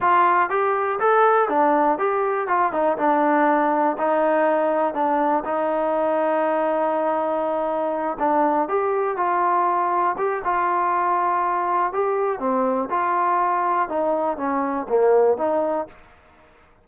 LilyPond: \new Staff \with { instrumentName = "trombone" } { \time 4/4 \tempo 4 = 121 f'4 g'4 a'4 d'4 | g'4 f'8 dis'8 d'2 | dis'2 d'4 dis'4~ | dis'1~ |
dis'8 d'4 g'4 f'4.~ | f'8 g'8 f'2. | g'4 c'4 f'2 | dis'4 cis'4 ais4 dis'4 | }